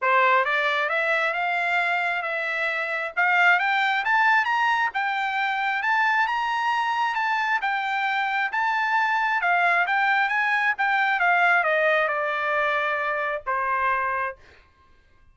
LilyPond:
\new Staff \with { instrumentName = "trumpet" } { \time 4/4 \tempo 4 = 134 c''4 d''4 e''4 f''4~ | f''4 e''2 f''4 | g''4 a''4 ais''4 g''4~ | g''4 a''4 ais''2 |
a''4 g''2 a''4~ | a''4 f''4 g''4 gis''4 | g''4 f''4 dis''4 d''4~ | d''2 c''2 | }